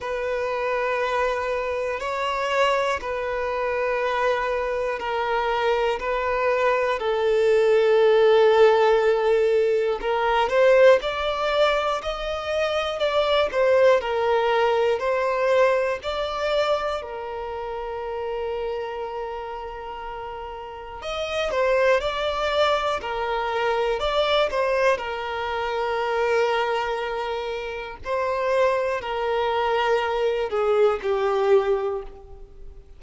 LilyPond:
\new Staff \with { instrumentName = "violin" } { \time 4/4 \tempo 4 = 60 b'2 cis''4 b'4~ | b'4 ais'4 b'4 a'4~ | a'2 ais'8 c''8 d''4 | dis''4 d''8 c''8 ais'4 c''4 |
d''4 ais'2.~ | ais'4 dis''8 c''8 d''4 ais'4 | d''8 c''8 ais'2. | c''4 ais'4. gis'8 g'4 | }